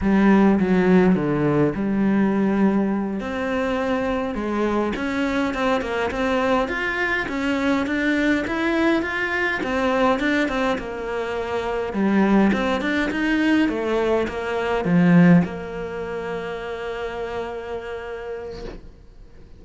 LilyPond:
\new Staff \with { instrumentName = "cello" } { \time 4/4 \tempo 4 = 103 g4 fis4 d4 g4~ | g4. c'2 gis8~ | gis8 cis'4 c'8 ais8 c'4 f'8~ | f'8 cis'4 d'4 e'4 f'8~ |
f'8 c'4 d'8 c'8 ais4.~ | ais8 g4 c'8 d'8 dis'4 a8~ | a8 ais4 f4 ais4.~ | ais1 | }